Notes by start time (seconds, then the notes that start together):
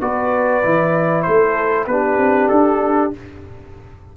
0.00 B3 F#4 B4 D5
0.63 E3 E4
1.22 A3 A4 C5
1.86 B3 D4 G4 B4
2.17 C4
2.48 D4 A4